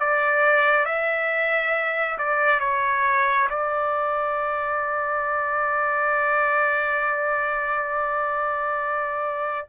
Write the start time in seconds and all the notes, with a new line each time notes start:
0.00 D5
0.86 E5
2.18 D5
2.60 C#5
3.50 D5